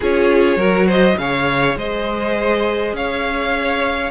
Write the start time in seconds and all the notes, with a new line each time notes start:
0.00 C#4 F4 G#4 C#5
0.56 F#3 F#4 A#4
0.86 C5 D#5
1.18 C#3 G#4 C#5 F5
1.75 G#3 C5 D#5
2.92 C#4 C#5 F5